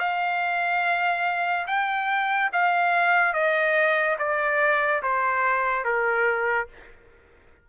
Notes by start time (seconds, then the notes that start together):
0.00 F5
1.67 G5
2.53 F5
3.34 D#5
4.19 D5
5.03 C5
5.85 A#4